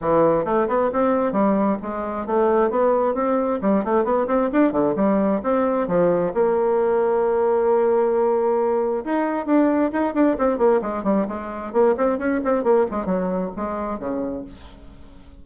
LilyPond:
\new Staff \with { instrumentName = "bassoon" } { \time 4/4 \tempo 4 = 133 e4 a8 b8 c'4 g4 | gis4 a4 b4 c'4 | g8 a8 b8 c'8 d'8 d8 g4 | c'4 f4 ais2~ |
ais1 | dis'4 d'4 dis'8 d'8 c'8 ais8 | gis8 g8 gis4 ais8 c'8 cis'8 c'8 | ais8 gis8 fis4 gis4 cis4 | }